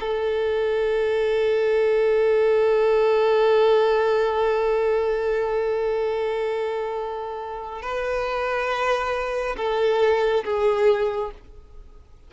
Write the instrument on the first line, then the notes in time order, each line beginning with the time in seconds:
violin
0.00 A4
7.82 B4
9.57 A4
10.44 G#4